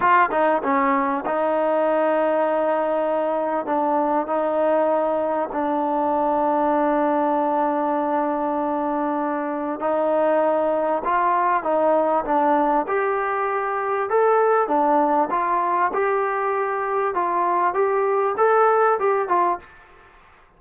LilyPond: \new Staff \with { instrumentName = "trombone" } { \time 4/4 \tempo 4 = 98 f'8 dis'8 cis'4 dis'2~ | dis'2 d'4 dis'4~ | dis'4 d'2.~ | d'1 |
dis'2 f'4 dis'4 | d'4 g'2 a'4 | d'4 f'4 g'2 | f'4 g'4 a'4 g'8 f'8 | }